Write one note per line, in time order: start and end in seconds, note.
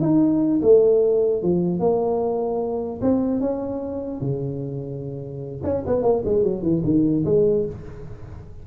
0.00 0.60 D#4
0.62 1.42 A3
1.43 1.80 F3
1.80 3.00 A#3
3.02 3.41 C4
3.41 4.21 C#4
4.21 5.62 C#3
5.64 5.84 C#4
5.86 6.03 B3
6.03 6.23 A#3
6.25 6.43 G#3
6.43 6.62 F#3
6.62 6.83 E3
6.84 7.25 D#3
7.25 7.66 G#3